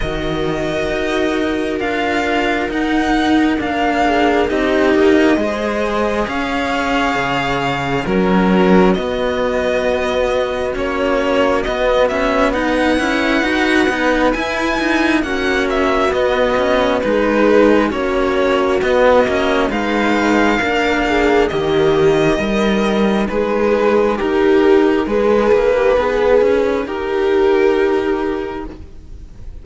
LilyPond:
<<
  \new Staff \with { instrumentName = "violin" } { \time 4/4 \tempo 4 = 67 dis''2 f''4 fis''4 | f''4 dis''2 f''4~ | f''4 ais'4 dis''2 | cis''4 dis''8 e''8 fis''2 |
gis''4 fis''8 e''8 dis''4 b'4 | cis''4 dis''4 f''2 | dis''2 b'4 ais'4 | b'2 ais'2 | }
  \new Staff \with { instrumentName = "viola" } { \time 4/4 ais'1~ | ais'8 gis'8 g'4 c''4 cis''4~ | cis''4 fis'2.~ | fis'2 b'2~ |
b'4 fis'2 gis'4 | fis'2 b'4 ais'8 gis'8 | g'4 ais'4 gis'4 g'4 | gis'8. g'16 gis'4 g'2 | }
  \new Staff \with { instrumentName = "cello" } { \time 4/4 fis'2 f'4 dis'4 | d'4 dis'4 gis'2~ | gis'4 cis'4 b2 | cis'4 b8 cis'8 dis'8 e'8 fis'8 dis'8 |
e'8 dis'8 cis'4 b8 cis'8 dis'4 | cis'4 b8 cis'8 dis'4 d'4 | ais4 dis'2.~ | dis'1 | }
  \new Staff \with { instrumentName = "cello" } { \time 4/4 dis4 dis'4 d'4 dis'4 | ais4 c'8 ais8 gis4 cis'4 | cis4 fis4 b2 | ais4 b4. cis'8 dis'8 b8 |
e'4 ais4 b4 gis4 | ais4 b8 ais8 gis4 ais4 | dis4 g4 gis4 dis'4 | gis8 ais8 b8 cis'8 dis'2 | }
>>